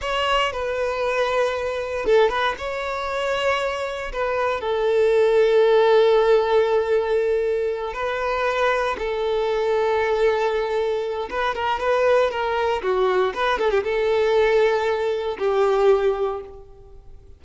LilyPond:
\new Staff \with { instrumentName = "violin" } { \time 4/4 \tempo 4 = 117 cis''4 b'2. | a'8 b'8 cis''2. | b'4 a'2.~ | a'2.~ a'8 b'8~ |
b'4. a'2~ a'8~ | a'2 b'8 ais'8 b'4 | ais'4 fis'4 b'8 a'16 g'16 a'4~ | a'2 g'2 | }